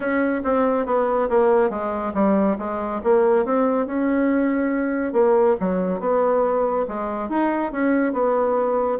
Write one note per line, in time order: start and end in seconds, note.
0.00 0.42 C#4
0.44 0.86 C4
0.86 1.29 B3
1.29 1.70 A#3
1.70 2.13 G#3
2.14 2.56 G3
2.58 3.01 G#3
3.03 3.45 A#3
3.45 3.86 C4
3.86 5.13 C#4
5.13 5.55 A#3
5.59 6.00 F#3
6.00 6.86 B3
6.88 7.29 G#3
7.29 7.71 D#4
7.72 8.13 C#4
8.13 8.98 B3